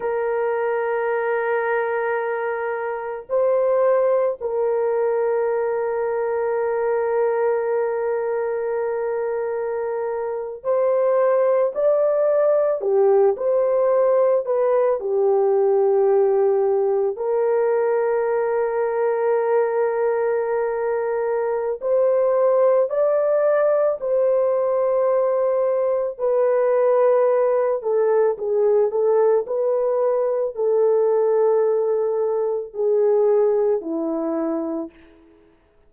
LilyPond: \new Staff \with { instrumentName = "horn" } { \time 4/4 \tempo 4 = 55 ais'2. c''4 | ais'1~ | ais'4.~ ais'16 c''4 d''4 g'16~ | g'16 c''4 b'8 g'2 ais'16~ |
ais'1 | c''4 d''4 c''2 | b'4. a'8 gis'8 a'8 b'4 | a'2 gis'4 e'4 | }